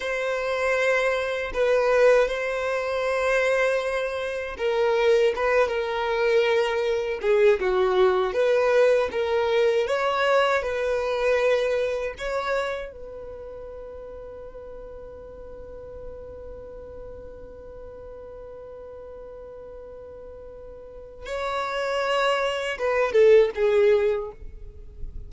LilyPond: \new Staff \with { instrumentName = "violin" } { \time 4/4 \tempo 4 = 79 c''2 b'4 c''4~ | c''2 ais'4 b'8 ais'8~ | ais'4. gis'8 fis'4 b'4 | ais'4 cis''4 b'2 |
cis''4 b'2.~ | b'1~ | b'1 | cis''2 b'8 a'8 gis'4 | }